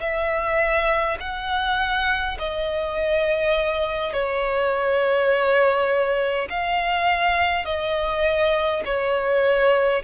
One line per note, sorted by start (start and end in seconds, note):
0.00 1.18 E5
1.20 2.38 F#5
2.39 4.13 D#5
4.13 6.49 C#5
6.50 7.65 F5
7.65 8.83 D#5
8.86 10.03 C#5